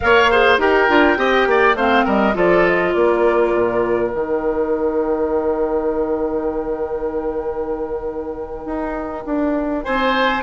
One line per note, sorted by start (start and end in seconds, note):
0.00 0.58 A#3
0.00 0.31 A#4
0.00 0.31 C#5
0.00 0.59 F5
0.31 0.59 G#4
0.31 0.60 C5
0.58 0.87 D#4
0.58 0.88 G4
0.58 1.18 A#4
0.58 1.77 G5
0.88 1.17 D4
0.88 1.17 F4
1.17 1.46 C4
1.17 1.76 G4
1.17 1.47 D#5
1.46 1.75 A#3
1.46 1.76 D5
1.75 2.04 A3
1.75 2.34 C4
1.75 2.04 C5
1.75 2.06 F5
2.04 2.35 G3
2.04 2.34 A#4
2.04 2.36 D#5
2.34 2.94 F3
2.34 4.09 F4
2.34 2.94 A4
2.34 2.67 D5
2.67 2.94 D#5
2.94 3.54 A#3
2.94 9.84 A#4
2.94 4.10 D5
3.54 4.13 A#2
4.09 8.65 D#3
4.09 10.41 D#4
4.09 9.83 G5
8.65 9.24 D#4
9.25 9.84 D4
9.83 10.42 C4
9.83 10.42 C5
9.83 10.42 G#5